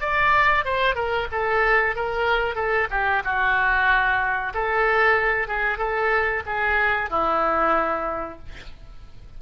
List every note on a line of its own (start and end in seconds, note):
0.00 0.65 D5
0.65 0.95 C5
0.95 1.27 A#4
1.32 1.95 A4
1.95 2.55 A#4
2.55 2.87 A4
2.90 3.23 G4
3.24 4.53 F#4
4.54 5.47 A4
5.47 5.78 G#4
5.78 6.43 A4
6.46 7.10 G#4
7.10 8.39 E4